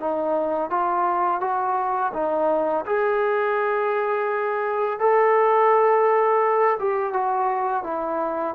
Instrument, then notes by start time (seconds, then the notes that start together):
trombone
0.00 D#4
0.70 F4
1.41 F#4
2.14 D#4
2.86 G#4
5.00 A4
6.79 G4
7.13 F#4
7.84 E4